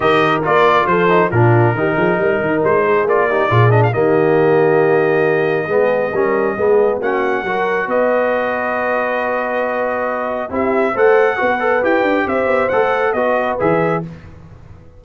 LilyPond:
<<
  \new Staff \with { instrumentName = "trumpet" } { \time 4/4 \tempo 4 = 137 dis''4 d''4 c''4 ais'4~ | ais'2 c''4 d''4~ | d''8 dis''16 f''16 dis''2.~ | dis''1 |
fis''2 dis''2~ | dis''1 | e''4 fis''2 g''4 | e''4 fis''4 dis''4 e''4 | }
  \new Staff \with { instrumentName = "horn" } { \time 4/4 ais'2 a'4 f'4 | g'8 gis'8 ais'4. gis'4 g'8 | gis'4 g'2.~ | g'4 gis'4 ais'4 gis'4 |
fis'4 ais'4 b'2~ | b'1 | g'4 c''4 b'2 | c''2 b'2 | }
  \new Staff \with { instrumentName = "trombone" } { \time 4/4 g'4 f'4. dis'8 d'4 | dis'2. f'8 dis'8 | f'8 d'8 ais2.~ | ais4 b4 cis'4 b4 |
cis'4 fis'2.~ | fis'1 | e'4 a'4 fis'8 a'8 g'4~ | g'4 a'4 fis'4 gis'4 | }
  \new Staff \with { instrumentName = "tuba" } { \time 4/4 dis4 ais4 f4 ais,4 | dis8 f8 g8 dis8 gis4 ais4 | ais,4 dis2.~ | dis4 gis4 g4 gis4 |
ais4 fis4 b2~ | b1 | c'4 a4 b4 e'8 d'8 | c'8 b8 a4 b4 e4 | }
>>